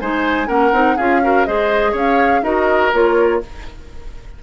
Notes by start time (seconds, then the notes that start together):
0.00 G#3 D#4 C5 G#5
0.47 A#3 C#4 A#4 F#5
0.72 C4 D#4
0.97 C#4 F4 G#4 F5
1.22 F#4 A#4
1.45 G#3 G#4 C5 D#5
1.91 C#4 C#5
1.98 F5
2.42 D#4 F#4 A#4 D#5
2.93 A#3 F4 C#5